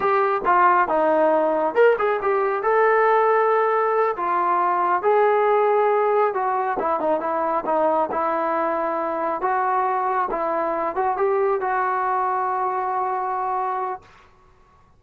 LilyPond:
\new Staff \with { instrumentName = "trombone" } { \time 4/4 \tempo 4 = 137 g'4 f'4 dis'2 | ais'8 gis'8 g'4 a'2~ | a'4. f'2 gis'8~ | gis'2~ gis'8 fis'4 e'8 |
dis'8 e'4 dis'4 e'4.~ | e'4. fis'2 e'8~ | e'4 fis'8 g'4 fis'4.~ | fis'1 | }